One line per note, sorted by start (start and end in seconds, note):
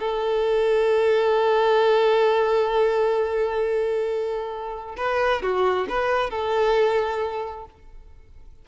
0.00 4.96 A4
4.97 5.42 B4
5.42 5.87 F#4
5.89 6.30 B4
6.30 7.66 A4